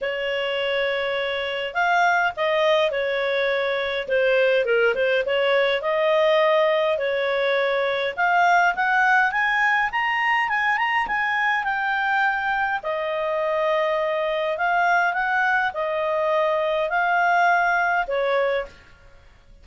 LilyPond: \new Staff \with { instrumentName = "clarinet" } { \time 4/4 \tempo 4 = 103 cis''2. f''4 | dis''4 cis''2 c''4 | ais'8 c''8 cis''4 dis''2 | cis''2 f''4 fis''4 |
gis''4 ais''4 gis''8 ais''8 gis''4 | g''2 dis''2~ | dis''4 f''4 fis''4 dis''4~ | dis''4 f''2 cis''4 | }